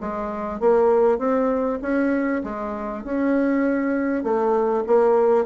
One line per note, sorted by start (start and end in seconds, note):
0.00 0.60 G#3
0.60 1.18 A#3
1.18 1.79 C4
1.82 2.42 C#4
2.43 3.04 G#3
3.04 4.23 C#4
4.23 4.84 A3
4.87 5.45 A#3